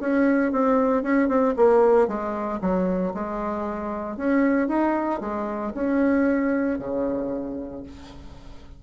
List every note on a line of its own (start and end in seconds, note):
0.00 0.51 C#4
0.51 1.02 C4
1.02 1.28 C#4
1.28 1.54 C4
1.56 2.07 A#3
2.07 2.59 G#3
2.61 3.13 F#3
3.14 4.16 G#3
4.16 4.68 C#4
4.68 5.20 D#4
5.20 5.72 G#3
5.74 6.78 C#4
6.78 7.83 C#3